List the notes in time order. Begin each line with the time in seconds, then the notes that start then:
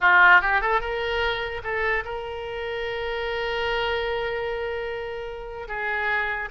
0.00 F4
0.41 G4
0.61 A4
0.80 A#4
1.63 A4
2.04 A#4
5.68 G#4